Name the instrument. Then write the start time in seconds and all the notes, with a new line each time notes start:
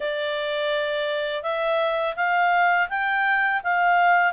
clarinet
0.00 D5
1.43 E5
2.16 F5
2.89 G5
3.63 F5